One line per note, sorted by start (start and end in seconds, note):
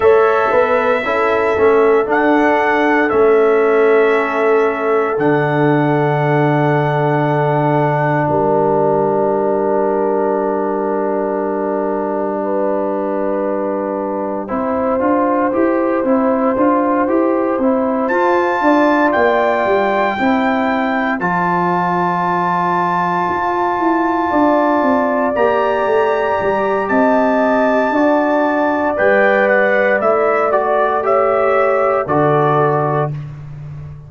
0.00 0.50 A3
0.00 1.01 A4
0.00 0.51 C#5
0.00 2.07 E5
0.51 1.03 B3
0.51 1.03 B4
1.03 1.55 C#4
1.03 1.56 E4
1.03 8.27 A4
1.56 2.07 A3
1.56 2.05 C#4
2.05 3.09 D4
2.05 3.10 D4
2.05 3.09 F#5
3.09 5.17 A3
3.09 5.16 C#4
3.09 5.16 E5
5.17 8.27 D3
5.17 14.48 D4
5.17 8.29 F#5
8.29 14.50 G3
8.29 12.43 A#4
8.29 18.08 G5
12.43 14.47 B4
14.47 15.00 C4
14.47 15.00 E4
14.47 18.61 C5
15.00 15.51 D4
15.00 15.51 F4
15.52 16.03 E4
15.52 16.04 G4
16.03 16.55 C4
16.03 16.56 E4
16.56 17.07 D4
16.56 17.08 F4
17.07 17.58 E4
17.07 17.59 G4
17.58 18.09 C4
17.58 18.11 E4
18.08 18.61 F4
18.08 20.18 F4
18.08 19.11 A5
18.61 19.12 D4
18.61 20.18 D5
19.11 19.65 A#3
19.11 21.18 G5
19.65 20.17 G3
20.18 21.20 C4
20.18 21.20 E4
20.18 24.30 C5
21.19 23.27 F3
21.19 25.34 F4
21.19 25.33 A5
23.28 23.78 F4
23.78 24.30 E4
24.30 24.82 D4
24.30 26.89 D5
24.82 25.33 C4
25.34 25.85 A#3
25.34 27.94 G4
25.34 26.88 A#5
25.85 26.37 A3
26.40 26.89 G3
26.88 27.90 C4
26.88 27.93 D#5
26.88 28.95 A5
27.90 28.94 D4
27.90 28.96 F#4
27.90 31.03 D5
28.96 30.00 G3
28.96 30.00 B4
28.96 29.48 G5
29.48 29.99 F#5
30.00 32.06 A3
30.00 30.51 E4
30.00 30.52 E5
30.51 31.02 F#4
30.51 31.03 D5
31.02 32.05 G4
31.02 32.07 C#5
31.02 32.07 E5
32.06 33.09 D3
32.06 33.11 F#4
32.06 33.10 A4
32.06 33.11 D5